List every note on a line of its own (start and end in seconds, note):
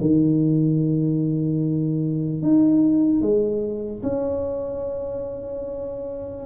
0.00 2.42 D#3
2.42 3.21 D#4
3.21 4.02 G#3
4.02 6.46 C#4